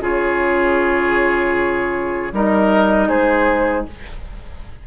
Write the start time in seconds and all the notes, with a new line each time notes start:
0.00 C#3 F4 G#4 C#5
2.32 G3 D#4 A#4 D#5
3.08 G#3 G#4 C5